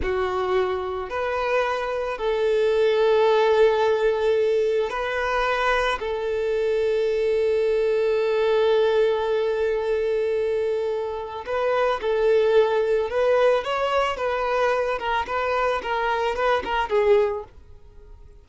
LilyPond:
\new Staff \with { instrumentName = "violin" } { \time 4/4 \tempo 4 = 110 fis'2 b'2 | a'1~ | a'4 b'2 a'4~ | a'1~ |
a'1~ | a'4 b'4 a'2 | b'4 cis''4 b'4. ais'8 | b'4 ais'4 b'8 ais'8 gis'4 | }